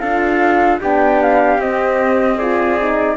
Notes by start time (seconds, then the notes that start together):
0.00 D4 F4 A4 F5
0.81 B3 D4 G4 G5
1.23 F5
1.59 C4 D#5
2.38 F4 G#4 D5
2.80 D#4